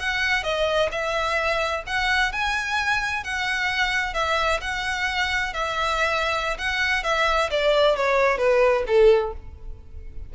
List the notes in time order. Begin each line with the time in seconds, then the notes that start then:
0.00 F#5
0.44 D#5
0.92 E5
1.87 F#5
2.32 G#5
3.24 F#5
4.14 E5
4.62 F#5
5.54 E5
6.59 F#5
7.04 E5
7.51 D5
7.97 C#5
8.38 B4
8.87 A4